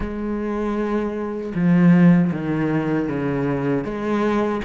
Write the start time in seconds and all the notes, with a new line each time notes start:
0.00 G#3
1.54 F3
2.32 D#3
3.08 C#3
3.84 G#3